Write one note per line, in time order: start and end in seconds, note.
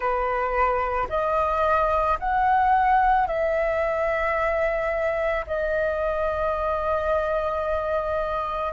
0.00 1.07 B4
1.09 2.18 D#5
2.19 3.27 F#5
3.27 5.45 E5
5.46 8.73 D#5